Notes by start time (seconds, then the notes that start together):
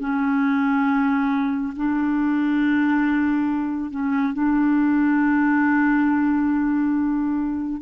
0.00 C#4
1.76 D4
3.91 C#4
4.34 D4